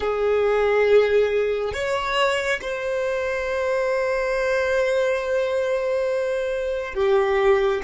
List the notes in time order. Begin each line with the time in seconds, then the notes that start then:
0.00 G#4
1.73 C#5
2.61 C5
6.94 G4